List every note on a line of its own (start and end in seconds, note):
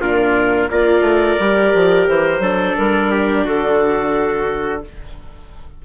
0.00 0.69 A#2
0.00 0.70 D4
0.00 0.69 F4
0.00 0.70 A#4
0.70 1.00 A#3
0.70 1.40 F4
0.70 2.42 A#4
0.70 2.07 D5
1.00 1.35 A3
1.39 1.74 G3
1.39 2.41 G4
1.74 2.07 F3
2.07 2.38 E3
2.07 2.76 C5
2.38 2.73 F#3
2.38 4.83 D4
2.38 3.10 A4
2.76 3.46 G3
2.76 3.45 A#4
3.10 3.44 G4
3.44 4.84 D3
3.44 4.82 F#4
3.44 4.84 A4